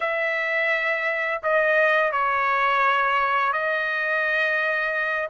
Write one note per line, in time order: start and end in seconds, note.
0.00 1.41 E5
1.42 2.12 D#5
2.12 3.53 C#5
3.53 5.29 D#5